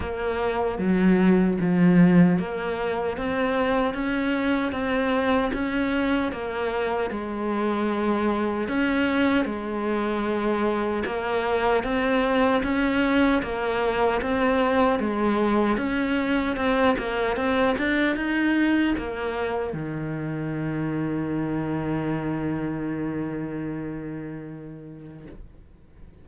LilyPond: \new Staff \with { instrumentName = "cello" } { \time 4/4 \tempo 4 = 76 ais4 fis4 f4 ais4 | c'4 cis'4 c'4 cis'4 | ais4 gis2 cis'4 | gis2 ais4 c'4 |
cis'4 ais4 c'4 gis4 | cis'4 c'8 ais8 c'8 d'8 dis'4 | ais4 dis2.~ | dis1 | }